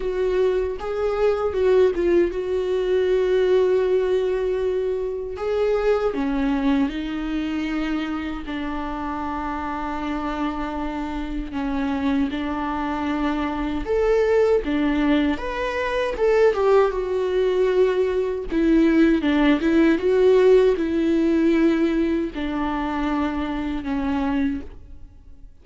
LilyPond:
\new Staff \with { instrumentName = "viola" } { \time 4/4 \tempo 4 = 78 fis'4 gis'4 fis'8 f'8 fis'4~ | fis'2. gis'4 | cis'4 dis'2 d'4~ | d'2. cis'4 |
d'2 a'4 d'4 | b'4 a'8 g'8 fis'2 | e'4 d'8 e'8 fis'4 e'4~ | e'4 d'2 cis'4 | }